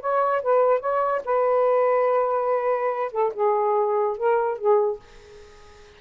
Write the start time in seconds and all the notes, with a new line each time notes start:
0.00 C#5
0.42 B4
0.80 C#5
1.25 B4
3.12 A4
3.34 G#4
4.17 A#4
4.58 G#4